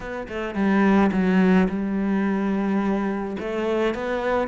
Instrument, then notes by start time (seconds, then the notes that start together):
cello
0.00 B3
0.28 A3
0.55 G3
1.11 F#3
1.68 G3
3.39 A3
3.94 B3